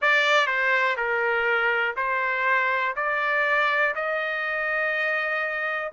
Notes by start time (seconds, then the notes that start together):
0.01 D5
0.46 C5
0.96 A#4
1.96 C5
2.96 D5
3.95 D#5